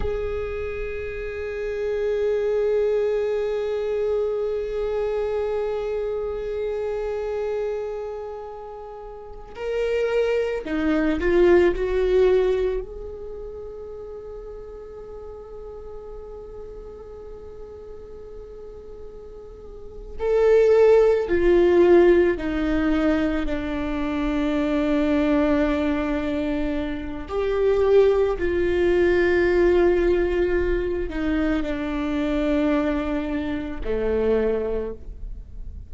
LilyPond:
\new Staff \with { instrumentName = "viola" } { \time 4/4 \tempo 4 = 55 gis'1~ | gis'1~ | gis'8. ais'4 dis'8 f'8 fis'4 gis'16~ | gis'1~ |
gis'2~ gis'8 a'4 f'8~ | f'8 dis'4 d'2~ d'8~ | d'4 g'4 f'2~ | f'8 dis'8 d'2 a4 | }